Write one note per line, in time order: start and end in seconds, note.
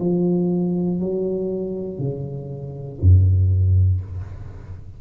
0.00 1.00 F3
1.00 1.99 F#3
1.99 2.99 C#3
3.01 4.01 F#2